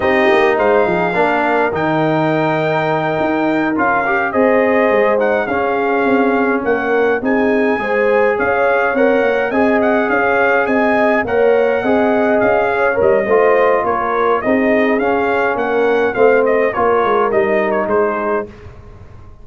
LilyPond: <<
  \new Staff \with { instrumentName = "trumpet" } { \time 4/4 \tempo 4 = 104 dis''4 f''2 g''4~ | g''2~ g''8 f''4 dis''8~ | dis''4 fis''8 f''2 fis''8~ | fis''8 gis''2 f''4 fis''8~ |
fis''8 gis''8 fis''8 f''4 gis''4 fis''8~ | fis''4. f''4 dis''4. | cis''4 dis''4 f''4 fis''4 | f''8 dis''8 cis''4 dis''8. cis''16 c''4 | }
  \new Staff \with { instrumentName = "horn" } { \time 4/4 g'4 c''8 gis'8 ais'2~ | ais'2.~ ais'8 c''8~ | c''4. gis'2 ais'8~ | ais'8 gis'4 c''4 cis''4.~ |
cis''8 dis''4 cis''4 dis''4 cis''8~ | cis''8 dis''4. cis''4 c''4 | ais'4 gis'2 ais'4 | c''4 ais'2 gis'4 | }
  \new Staff \with { instrumentName = "trombone" } { \time 4/4 dis'2 d'4 dis'4~ | dis'2~ dis'8 f'8 g'8 gis'8~ | gis'4 dis'8 cis'2~ cis'8~ | cis'8 dis'4 gis'2 ais'8~ |
ais'8 gis'2. ais'8~ | ais'8 gis'2 ais'8 f'4~ | f'4 dis'4 cis'2 | c'4 f'4 dis'2 | }
  \new Staff \with { instrumentName = "tuba" } { \time 4/4 c'8 ais8 gis8 f8 ais4 dis4~ | dis4. dis'4 cis'4 c'8~ | c'8 gis4 cis'4 c'4 ais8~ | ais8 c'4 gis4 cis'4 c'8 |
ais8 c'4 cis'4 c'4 ais8~ | ais8 c'4 cis'4 g8 a4 | ais4 c'4 cis'4 ais4 | a4 ais8 gis8 g4 gis4 | }
>>